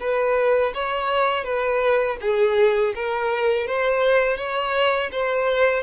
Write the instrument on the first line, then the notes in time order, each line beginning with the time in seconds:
violin
0.00 B4
0.74 C#5
1.45 B4
2.21 G#4
2.95 A#4
3.67 C5
4.37 C#5
5.12 C5